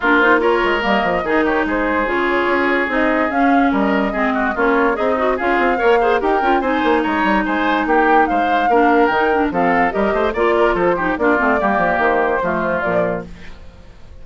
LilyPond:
<<
  \new Staff \with { instrumentName = "flute" } { \time 4/4 \tempo 4 = 145 ais'8 c''8 cis''4 dis''4. cis''8 | c''4 cis''2 dis''4 | f''4 dis''2 cis''4 | dis''4 f''2 g''4 |
gis''4 ais''4 gis''4 g''4 | f''2 g''4 f''4 | dis''4 d''4 c''4 d''4~ | d''4 c''2 d''4 | }
  \new Staff \with { instrumentName = "oboe" } { \time 4/4 f'4 ais'2 gis'8 g'8 | gis'1~ | gis'4 ais'4 gis'8 fis'8 f'4 | dis'4 gis'4 cis''8 c''8 ais'4 |
c''4 cis''4 c''4 g'4 | c''4 ais'2 a'4 | ais'8 c''8 d''8 ais'8 a'8 g'8 f'4 | g'2 f'2 | }
  \new Staff \with { instrumentName = "clarinet" } { \time 4/4 d'8 dis'8 f'4 ais4 dis'4~ | dis'4 f'2 dis'4 | cis'2 c'4 cis'4 | gis'8 fis'8 f'4 ais'8 gis'8 g'8 f'8 |
dis'1~ | dis'4 d'4 dis'8 d'8 c'4 | g'4 f'4. dis'8 d'8 c'8 | ais2 a4 f4 | }
  \new Staff \with { instrumentName = "bassoon" } { \time 4/4 ais4. gis8 g8 f8 dis4 | gis4 cis4 cis'4 c'4 | cis'4 g4 gis4 ais4 | c'4 cis'8 c'8 ais4 dis'8 cis'8 |
c'8 ais8 gis8 g8 gis4 ais4 | gis4 ais4 dis4 f4 | g8 a8 ais4 f4 ais8 a8 | g8 f8 dis4 f4 ais,4 | }
>>